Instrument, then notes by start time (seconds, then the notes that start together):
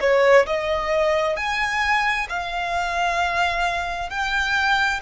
violin
0.00 C#5
0.46 D#5
1.36 G#5
2.29 F5
4.10 G5